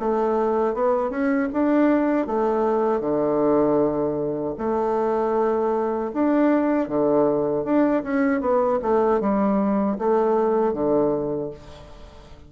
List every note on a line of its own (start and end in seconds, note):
0.00 0.74 A3
0.74 1.10 B3
1.10 1.49 C#4
1.53 2.27 D4
2.27 3.01 A3
3.01 4.55 D3
4.58 6.12 A3
6.14 6.89 D4
6.89 7.65 D3
7.65 8.03 D4
8.04 8.41 C#4
8.41 8.80 B3
8.83 9.21 A3
9.21 9.98 G3
9.99 10.74 A3
10.74 11.51 D3